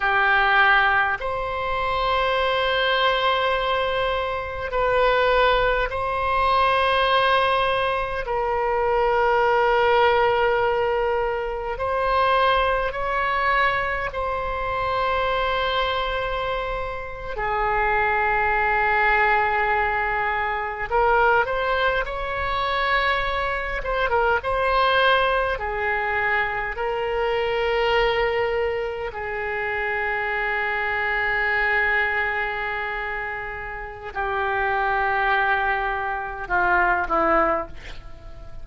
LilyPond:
\new Staff \with { instrumentName = "oboe" } { \time 4/4 \tempo 4 = 51 g'4 c''2. | b'4 c''2 ais'4~ | ais'2 c''4 cis''4 | c''2~ c''8. gis'4~ gis'16~ |
gis'4.~ gis'16 ais'8 c''8 cis''4~ cis''16~ | cis''16 c''16 ais'16 c''4 gis'4 ais'4~ ais'16~ | ais'8. gis'2.~ gis'16~ | gis'4 g'2 f'8 e'8 | }